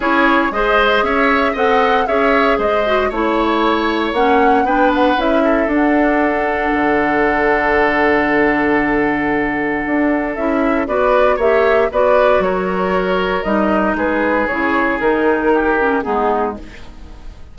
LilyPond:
<<
  \new Staff \with { instrumentName = "flute" } { \time 4/4 \tempo 4 = 116 cis''4 dis''4 e''4 fis''4 | e''4 dis''4 cis''2 | fis''4 g''8 fis''8 e''4 fis''4~ | fis''1~ |
fis''1 | e''4 d''4 e''4 d''4 | cis''2 dis''4 b'4 | cis''4 ais'2 gis'4 | }
  \new Staff \with { instrumentName = "oboe" } { \time 4/4 gis'4 c''4 cis''4 dis''4 | cis''4 c''4 cis''2~ | cis''4 b'4. a'4.~ | a'1~ |
a'1~ | a'4 b'4 cis''4 b'4 | ais'2. gis'4~ | gis'2 g'4 dis'4 | }
  \new Staff \with { instrumentName = "clarinet" } { \time 4/4 e'4 gis'2 a'4 | gis'4. fis'8 e'2 | cis'4 d'4 e'4 d'4~ | d'1~ |
d'1 | e'4 fis'4 g'4 fis'4~ | fis'2 dis'2 | e'4 dis'4. cis'8 b4 | }
  \new Staff \with { instrumentName = "bassoon" } { \time 4/4 cis'4 gis4 cis'4 c'4 | cis'4 gis4 a2 | ais4 b4 cis'4 d'4~ | d'4 d2.~ |
d2. d'4 | cis'4 b4 ais4 b4 | fis2 g4 gis4 | cis4 dis2 gis4 | }
>>